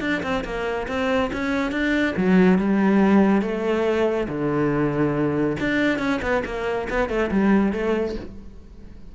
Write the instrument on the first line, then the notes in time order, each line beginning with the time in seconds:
cello
0.00 D4
0.22 C4
0.44 A#3
0.87 C4
1.32 C#4
1.71 D4
2.16 F#3
2.58 G3
3.41 A3
4.28 D3
5.59 D4
5.99 C#4
6.22 B3
6.45 A#3
6.89 B3
7.09 A3
7.31 G3
7.72 A3